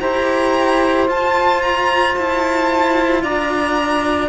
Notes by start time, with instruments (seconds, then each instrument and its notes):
0.00 cello E4 G4, saxophone C5, violin A#5
1.07 cello F4, violin A5
1.62 violin A#5
2.15 cello E4, violin A5
3.22 cello D4, saxophone D5, violin A#5